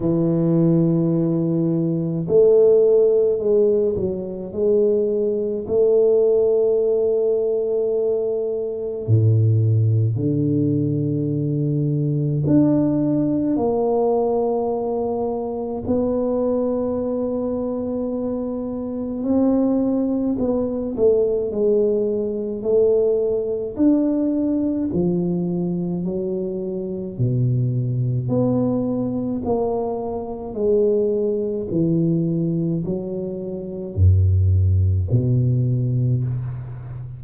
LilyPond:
\new Staff \with { instrumentName = "tuba" } { \time 4/4 \tempo 4 = 53 e2 a4 gis8 fis8 | gis4 a2. | a,4 d2 d'4 | ais2 b2~ |
b4 c'4 b8 a8 gis4 | a4 d'4 f4 fis4 | b,4 b4 ais4 gis4 | e4 fis4 fis,4 b,4 | }